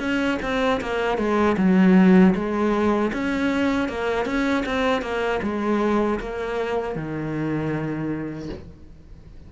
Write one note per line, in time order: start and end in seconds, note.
0.00 0.38 C#4
0.43 0.81 C4
0.81 1.18 A#3
1.18 1.57 G#3
1.58 2.35 F#3
2.35 3.12 G#3
3.13 3.89 C#4
3.89 4.26 A#3
4.26 4.64 C#4
4.66 5.02 C4
5.02 5.41 A#3
5.43 6.20 G#3
6.20 6.95 A#3
6.95 8.49 D#3